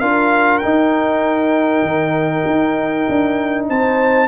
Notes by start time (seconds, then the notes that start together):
0.00 D4 F4 A#4 F5
0.59 D#4 G5
0.65 D#4
1.83 D#3
2.46 D#4
3.09 D4
3.70 C4 C5 A5